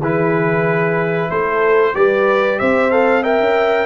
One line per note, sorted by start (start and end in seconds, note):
0.00 1.29 E3
0.00 1.94 E4
0.00 1.29 G#4
0.00 1.31 B4
1.30 1.94 A3
1.30 1.94 A4
1.30 1.95 C5
1.94 2.60 G3
1.94 2.91 G4
1.94 2.59 B4
1.94 2.59 D5
2.59 3.40 C4
2.59 3.22 C5
2.59 2.90 E5
2.90 3.23 A4
2.90 3.23 F5
3.22 3.85 A#4
3.22 3.85 E5
3.22 3.85 G5
3.40 3.85 C#4